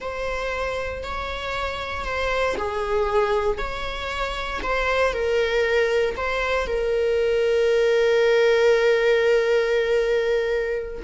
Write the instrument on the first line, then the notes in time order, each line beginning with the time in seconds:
viola
0.00 C5
1.03 C#5
2.04 C5
2.57 G#4
3.58 C#5
4.62 C5
5.13 A#4
6.17 C5
6.67 A#4